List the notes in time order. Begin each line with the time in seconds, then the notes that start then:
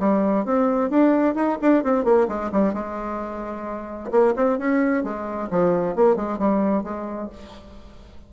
0.00 G3
0.45 C4
0.90 D4
1.35 D#4
1.62 D4
1.84 C4
2.05 A#3
2.28 G#3
2.52 G3
2.74 G#3
4.11 A#3
4.36 C4
4.58 C#4
5.04 G#3
5.50 F3
5.96 A#3
6.16 G#3
6.39 G3
6.84 G#3